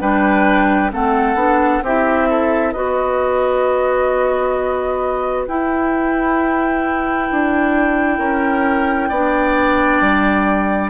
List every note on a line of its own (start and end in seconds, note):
0.00 0.91 G3
0.00 0.91 D4
0.00 0.91 B4
0.00 0.91 G5
0.91 1.35 A3
0.91 1.36 C4
0.91 1.83 A4
0.91 1.84 F#5
1.35 1.80 B3
1.35 1.82 D4
1.82 2.73 C4
1.82 2.74 E4
1.82 2.29 G4
1.82 2.72 E5
2.30 2.73 A4
2.72 5.47 B3
2.72 5.47 F#4
2.72 8.18 B4
2.72 5.44 D#5
5.47 7.29 E4
5.47 9.12 E4
5.47 10.90 G5
7.30 8.18 D4
8.18 9.09 C#4
8.18 9.09 A#4
9.09 10.01 B3
9.09 10.90 D4
9.09 10.90 D5
10.01 10.90 G3